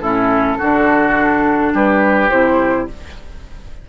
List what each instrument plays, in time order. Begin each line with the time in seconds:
0.00 bassoon A2, clarinet C#4, oboe E4, flute A4
0.58 bassoon D3, clarinet D4, oboe F#4
1.73 bassoon G3, oboe G4, flute B4
2.30 bassoon C3, clarinet E4, flute C5